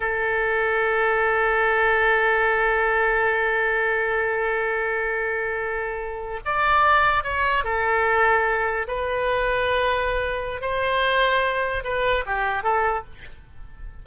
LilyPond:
\new Staff \with { instrumentName = "oboe" } { \time 4/4 \tempo 4 = 147 a'1~ | a'1~ | a'1~ | a'2.~ a'8. d''16~ |
d''4.~ d''16 cis''4 a'4~ a'16~ | a'4.~ a'16 b'2~ b'16~ | b'2 c''2~ | c''4 b'4 g'4 a'4 | }